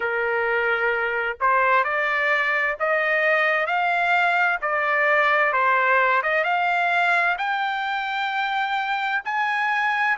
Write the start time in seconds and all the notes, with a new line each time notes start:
0.00 A#4
1.40 C5
1.84 D5
2.79 D#5
3.66 F5
4.61 D5
5.53 C5
6.23 D#5
6.44 F5
7.38 G5
9.24 G#5